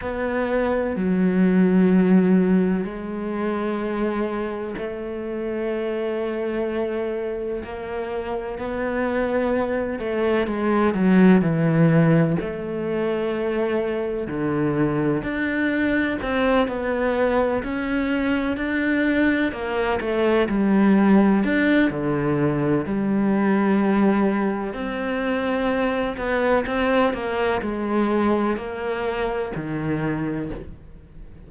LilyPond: \new Staff \with { instrumentName = "cello" } { \time 4/4 \tempo 4 = 63 b4 fis2 gis4~ | gis4 a2. | ais4 b4. a8 gis8 fis8 | e4 a2 d4 |
d'4 c'8 b4 cis'4 d'8~ | d'8 ais8 a8 g4 d'8 d4 | g2 c'4. b8 | c'8 ais8 gis4 ais4 dis4 | }